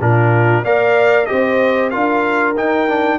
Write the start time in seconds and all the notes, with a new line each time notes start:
0.00 A#2 D4 F4 A#4
0.63 A#3 A#4 D5 F5
1.26 C4 G4 C5 D#5
1.90 D4 F4 A#4 F5
2.55 D#4 G5
2.88 D4